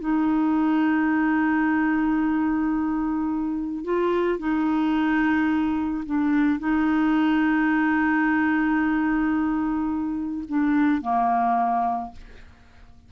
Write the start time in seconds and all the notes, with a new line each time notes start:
0.00 D#4
3.85 F4
4.39 D#4
6.06 D4
6.59 D#4
10.48 D4
11.02 A#3